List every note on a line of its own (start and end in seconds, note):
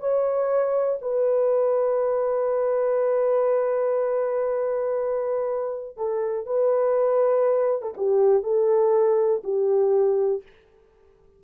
0.00 0.99 C#5
1.01 5.97 B4
5.97 6.46 A4
6.46 7.82 B4
7.82 7.94 A4
7.97 8.43 G4
8.43 9.42 A4
9.44 10.43 G4